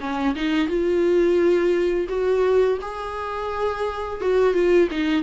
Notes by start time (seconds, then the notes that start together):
0.00 C#4
0.36 D#4
0.68 F4
2.09 F#4
2.81 G#4
4.21 F#4
4.54 F4
4.91 D#4